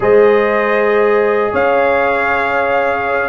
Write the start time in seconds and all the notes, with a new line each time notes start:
0.00 G#3 G#4 C5 D#5
1.52 C#4 C#5 F5